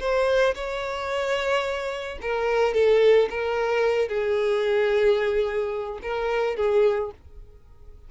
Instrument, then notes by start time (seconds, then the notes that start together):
violin
0.00 C5
0.55 C#5
2.22 A#4
2.74 A4
3.30 A#4
4.09 G#4
6.02 A#4
6.57 G#4